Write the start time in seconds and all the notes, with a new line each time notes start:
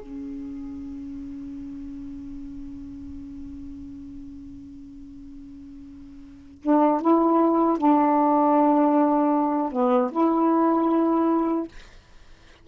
0.00 C#4
6.63 D4
7.01 E4
7.79 D4
9.72 B3
10.12 E4